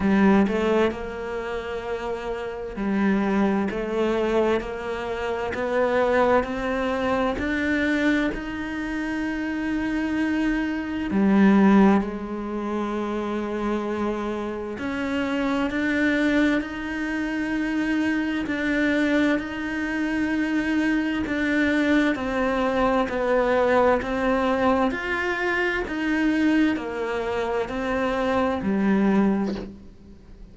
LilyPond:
\new Staff \with { instrumentName = "cello" } { \time 4/4 \tempo 4 = 65 g8 a8 ais2 g4 | a4 ais4 b4 c'4 | d'4 dis'2. | g4 gis2. |
cis'4 d'4 dis'2 | d'4 dis'2 d'4 | c'4 b4 c'4 f'4 | dis'4 ais4 c'4 g4 | }